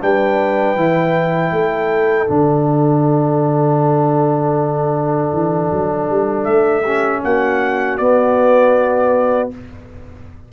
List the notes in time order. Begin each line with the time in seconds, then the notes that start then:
0.00 G3 D4 B4 G5
0.75 E3 E4
1.51 A3 A4
2.27 D3 D4 F#5
5.32 E3
5.72 F#3
6.09 G3
6.44 A3 E5
6.82 C#4 G4
7.24 A#3 F#4 F#5
7.97 B3 D5